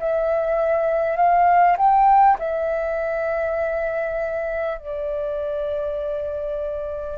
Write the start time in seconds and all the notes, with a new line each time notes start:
0.00 E5
1.17 F5
1.78 G5
2.39 E5
4.79 D5